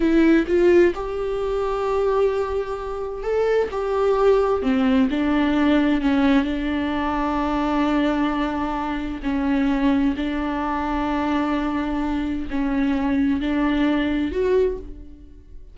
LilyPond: \new Staff \with { instrumentName = "viola" } { \time 4/4 \tempo 4 = 130 e'4 f'4 g'2~ | g'2. a'4 | g'2 c'4 d'4~ | d'4 cis'4 d'2~ |
d'1 | cis'2 d'2~ | d'2. cis'4~ | cis'4 d'2 fis'4 | }